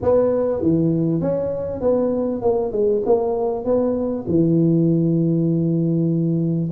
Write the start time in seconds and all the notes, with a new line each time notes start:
0.02 B3
0.61 E3
1.21 C#4
1.80 B3
2.41 A#3
2.72 G#3
3.05 A#3
3.64 B3
4.27 E3